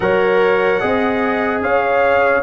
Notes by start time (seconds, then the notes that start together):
0.00 F#3 A#4 C#5 F#5
0.80 C4 G#4 D#5
1.60 C#4 C#5 F5